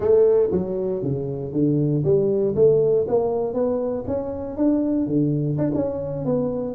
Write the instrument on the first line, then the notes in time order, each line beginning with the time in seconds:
tuba
0.00 A3
0.51 F#3
1.02 C#3
1.53 D3
2.04 G3
2.55 A3
3.08 A#3
3.53 B3
4.07 C#4
4.56 D4
5.06 D3
5.58 D4
5.75 C#4
6.25 B3